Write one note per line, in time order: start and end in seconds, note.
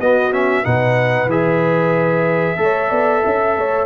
0.00 0.65 B3
0.00 0.32 B3
0.00 0.65 F#4
0.00 0.33 D#5
0.32 0.64 C#4
0.32 0.65 E5
0.64 1.26 B2
0.64 1.29 D#4
0.64 2.59 B4
0.64 1.30 F#5
1.26 2.55 E3
1.26 2.57 G#4
1.26 3.86 E5
2.57 2.91 A3
2.57 3.86 A4
2.57 2.89 C#5
2.89 3.23 B3
2.89 3.21 D5
3.24 3.57 C#4
3.24 3.56 E5
3.57 3.86 A3
3.57 3.86 C#5